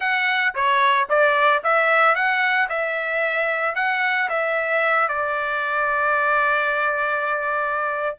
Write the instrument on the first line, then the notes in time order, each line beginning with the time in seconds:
trumpet
0.00 F#5
0.55 C#5
1.09 D5
1.63 E5
2.15 F#5
2.69 E5
3.75 F#5
4.29 E5
5.08 D5